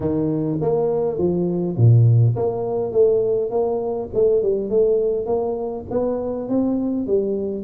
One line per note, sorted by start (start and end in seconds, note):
0.00 0.59 D#3
0.61 1.18 A#3
1.18 1.76 F3
1.76 2.35 A#2
2.36 2.92 A#3
2.92 3.50 A3
3.50 4.09 A#3
4.13 4.42 A3
4.42 4.69 G3
4.69 5.25 A3
5.25 5.84 A#3
5.90 6.48 B3
6.48 7.06 C4
7.06 7.64 G3